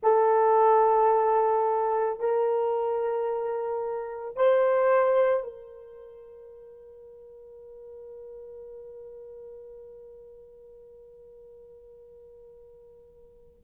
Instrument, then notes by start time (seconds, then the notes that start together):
horn
0.02 A4
2.19 A#4
4.36 C5
5.43 A#4